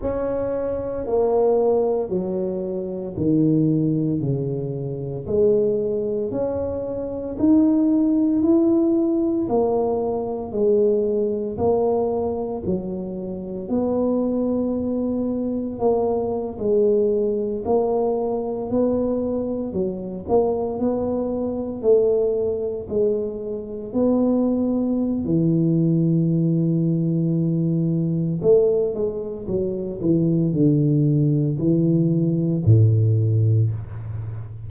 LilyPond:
\new Staff \with { instrumentName = "tuba" } { \time 4/4 \tempo 4 = 57 cis'4 ais4 fis4 dis4 | cis4 gis4 cis'4 dis'4 | e'4 ais4 gis4 ais4 | fis4 b2 ais8. gis16~ |
gis8. ais4 b4 fis8 ais8 b16~ | b8. a4 gis4 b4~ b16 | e2. a8 gis8 | fis8 e8 d4 e4 a,4 | }